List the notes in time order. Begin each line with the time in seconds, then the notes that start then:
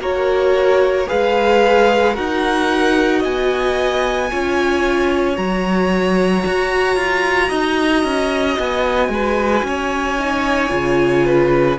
0.00 A#3 F#4 A#4 C#5
1.07 G#3 G#4 B4 F5
2.14 D#4 F#4 A#4 F#5
3.20 B3 D#5 G#5
4.31 C#4 F4 C#5
5.36 F#3 F#4 A#5
6.46 F#4
6.97 F4
7.49 D#4 D#5
8.04 C#4
8.59 B3 G#5
9.09 G#3 B4
9.64 C#4 C#5
10.19 D#4
10.70 C#3 F4
11.26 B4